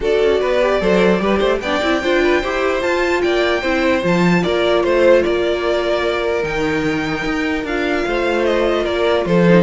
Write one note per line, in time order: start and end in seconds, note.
0.00 0.19 D4
0.00 0.61 F#4
0.00 0.40 A4
0.00 1.59 D5
0.21 0.41 C#4
0.40 0.80 B3
0.40 0.80 B4
0.61 0.80 G4
0.80 1.19 F#3
0.80 1.20 A4
0.80 1.21 C5
1.19 1.40 G3
1.19 1.60 G4
1.19 1.38 B4
1.38 1.61 A3
1.38 1.58 C5
1.59 1.81 B3
1.59 1.82 D4
1.59 2.02 D5
1.59 2.80 G5
1.82 2.03 C4
1.82 2.02 E4
2.02 2.43 D4
2.02 2.43 F4
2.02 2.22 C5
2.23 2.41 B4
2.41 2.83 E4
2.41 2.80 G4
2.41 3.21 C5
2.80 3.61 F4
2.80 3.23 F4
2.80 3.21 A5
3.21 3.62 A#3
3.21 3.60 D5
3.21 4.02 G5
3.60 4.03 C4
3.60 4.01 E4
3.60 4.41 C5
4.01 4.43 F3
4.01 6.42 F4
4.01 4.43 A5
4.43 4.83 A#3
4.43 4.83 A#4
4.43 4.83 D5
4.83 5.24 A3
4.83 5.22 C5
4.83 5.24 C5
5.22 6.43 A#3
5.22 8.06 A#4
5.22 6.43 D5
6.42 7.23 D#3
6.42 7.63 D#4
6.42 7.65 G5
7.25 7.64 D#4
7.64 8.04 D4
7.64 9.49 F4
7.64 8.45 F5
8.06 8.86 A3
8.06 8.83 C5
8.45 8.85 D#5
8.83 9.25 A#3
8.83 9.23 A#4
8.83 9.25 D5
9.25 9.63 F3
9.25 9.63 A4
9.25 9.63 C5
9.49 9.63 D#4